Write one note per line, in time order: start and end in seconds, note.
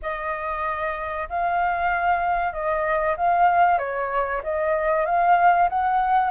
0.02 1.28 D#5
1.29 2.52 F5
2.52 3.16 D#5
3.16 3.78 F5
3.78 4.41 C#5
4.43 5.05 D#5
5.05 5.68 F5
5.69 6.30 F#5